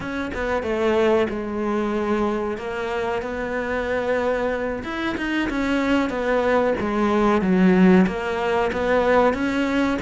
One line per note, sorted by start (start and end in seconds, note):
0.00 0.31 C#4
0.34 0.62 B3
0.62 1.27 A3
1.29 2.57 G#3
2.57 3.22 A#3
3.22 4.83 B3
4.83 5.16 E4
5.17 5.49 D#4
5.49 6.09 C#4
6.09 6.74 B3
6.80 7.41 G#3
7.41 8.06 F#3
8.06 8.71 A#3
8.72 9.33 B3
9.33 9.98 C#4